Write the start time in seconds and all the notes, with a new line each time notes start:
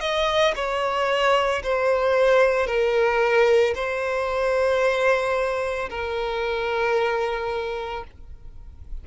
0.00 D#5
0.55 C#5
1.63 C5
2.66 A#4
3.75 C5
5.89 A#4